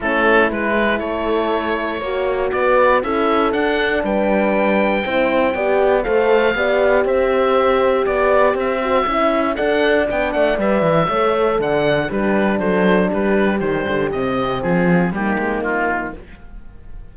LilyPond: <<
  \new Staff \with { instrumentName = "oboe" } { \time 4/4 \tempo 4 = 119 a'4 b'4 cis''2~ | cis''4 d''4 e''4 fis''4 | g''1 | f''2 e''2 |
d''4 e''2 fis''4 | g''8 fis''8 e''2 fis''4 | b'4 c''4 b'4 c''4 | dis''4 gis'4 g'4 f'4 | }
  \new Staff \with { instrumentName = "horn" } { \time 4/4 e'2 a'2 | cis''4 b'4 a'2 | b'2 c''4 d''4 | c''4 d''4 c''2 |
d''4 c''4 e''4 d''4~ | d''2 cis''4 d''4 | g'4 a'4 g'2~ | g'4 f'4 dis'2 | }
  \new Staff \with { instrumentName = "horn" } { \time 4/4 cis'4 e'2. | fis'2 e'4 d'4~ | d'2 e'4 g'4 | a'4 g'2.~ |
g'4. fis'8 e'4 a'4 | d'4 b'4 a'2 | d'2. g4 | c'2 ais2 | }
  \new Staff \with { instrumentName = "cello" } { \time 4/4 a4 gis4 a2 | ais4 b4 cis'4 d'4 | g2 c'4 b4 | a4 b4 c'2 |
b4 c'4 cis'4 d'4 | b8 a8 g8 e8 a4 d4 | g4 fis4 g4 dis8 d8 | c4 f4 g8 gis8 ais4 | }
>>